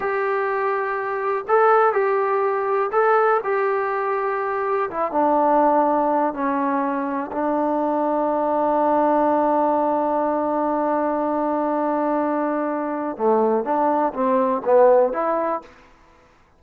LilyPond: \new Staff \with { instrumentName = "trombone" } { \time 4/4 \tempo 4 = 123 g'2. a'4 | g'2 a'4 g'4~ | g'2 e'8 d'4.~ | d'4 cis'2 d'4~ |
d'1~ | d'1~ | d'2. a4 | d'4 c'4 b4 e'4 | }